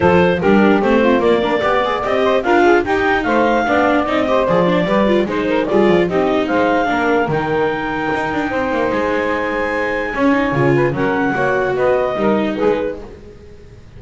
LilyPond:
<<
  \new Staff \with { instrumentName = "clarinet" } { \time 4/4 \tempo 4 = 148 c''4 ais'4 c''4 d''4~ | d''4 dis''4 f''4 g''4 | f''2 dis''4 d''4~ | d''4 c''4 d''4 dis''4 |
f''2 g''2~ | g''2 gis''2~ | gis''2. fis''4~ | fis''4 dis''2 b'4 | }
  \new Staff \with { instrumentName = "saxophone" } { \time 4/4 a'4 g'4. f'4 ais'8 | d''4. c''8 ais'8 gis'8 g'4 | c''4 d''4. c''4. | b'4 c''8 ais'8 gis'4 g'4 |
c''4 ais'2.~ | ais'4 c''2.~ | c''4 cis''4. b'8 ais'4 | cis''4 b'4 ais'4 gis'4 | }
  \new Staff \with { instrumentName = "viola" } { \time 4/4 f'4 d'4 c'4 ais8 d'8 | g'8 gis'8 g'4 f'4 dis'4~ | dis'4 d'4 dis'8 g'8 gis'8 d'8 | g'8 f'8 dis'4 f'4 dis'4~ |
dis'4 d'4 dis'2~ | dis'1~ | dis'4 cis'8 dis'8 f'4 cis'4 | fis'2 dis'2 | }
  \new Staff \with { instrumentName = "double bass" } { \time 4/4 f4 g4 a4 ais4 | b4 c'4 d'4 dis'4 | a4 b4 c'4 f4 | g4 gis4 g8 f8 c'4 |
gis4 ais4 dis2 | dis'8 d'8 c'8 ais8 gis2~ | gis4 cis'4 cis4 fis4 | ais4 b4 g4 gis4 | }
>>